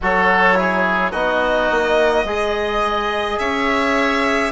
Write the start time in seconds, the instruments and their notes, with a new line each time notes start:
0.01 bassoon F#3, trombone F#4, oboe A4, violin C#5
0.55 trombone E4, oboe G#4
1.11 bassoon B3, trombone D#4, oboe F#4, violin D#5
1.71 bassoon A#3
2.24 bassoon G#3, trombone G#4, oboe D#5
3.38 bassoon C#4, oboe C#5, violin E5